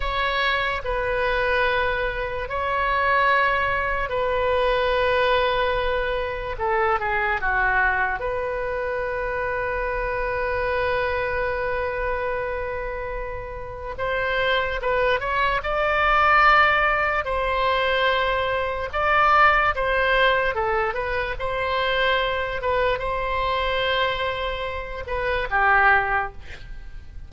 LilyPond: \new Staff \with { instrumentName = "oboe" } { \time 4/4 \tempo 4 = 73 cis''4 b'2 cis''4~ | cis''4 b'2. | a'8 gis'8 fis'4 b'2~ | b'1~ |
b'4 c''4 b'8 cis''8 d''4~ | d''4 c''2 d''4 | c''4 a'8 b'8 c''4. b'8 | c''2~ c''8 b'8 g'4 | }